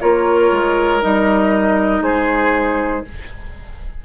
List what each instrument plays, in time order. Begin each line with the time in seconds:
0.00 bassoon A#3, clarinet F4, oboe A#4, flute C#5
0.51 bassoon G#3
1.01 bassoon G3, clarinet D#4, flute D#5
2.01 bassoon G#3, oboe G#4, flute C5